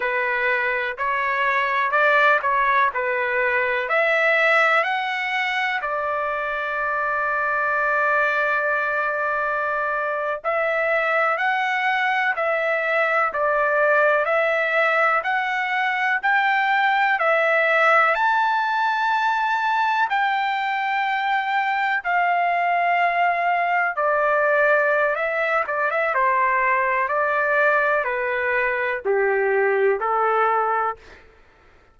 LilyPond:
\new Staff \with { instrumentName = "trumpet" } { \time 4/4 \tempo 4 = 62 b'4 cis''4 d''8 cis''8 b'4 | e''4 fis''4 d''2~ | d''2~ d''8. e''4 fis''16~ | fis''8. e''4 d''4 e''4 fis''16~ |
fis''8. g''4 e''4 a''4~ a''16~ | a''8. g''2 f''4~ f''16~ | f''8. d''4~ d''16 e''8 d''16 e''16 c''4 | d''4 b'4 g'4 a'4 | }